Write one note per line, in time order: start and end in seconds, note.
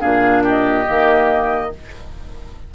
0.00 0.87 A#2
0.00 0.85 D4
0.00 0.43 G#4
0.00 0.43 F5
0.43 1.70 G4
0.43 1.74 D#5
0.86 1.73 D#3
0.86 1.70 A#3